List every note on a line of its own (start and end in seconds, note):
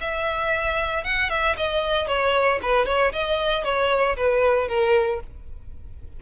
0.00 1.04 E5
1.04 1.29 F#5
1.29 1.56 E5
1.57 2.07 D#5
2.07 2.59 C#5
2.62 2.86 B4
2.86 3.12 C#5
3.12 3.64 D#5
3.64 4.16 C#5
4.16 4.68 B4
4.68 5.20 A#4